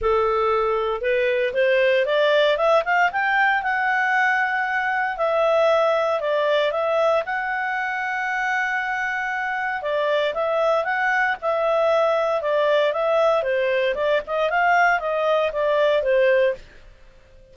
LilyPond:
\new Staff \with { instrumentName = "clarinet" } { \time 4/4 \tempo 4 = 116 a'2 b'4 c''4 | d''4 e''8 f''8 g''4 fis''4~ | fis''2 e''2 | d''4 e''4 fis''2~ |
fis''2. d''4 | e''4 fis''4 e''2 | d''4 e''4 c''4 d''8 dis''8 | f''4 dis''4 d''4 c''4 | }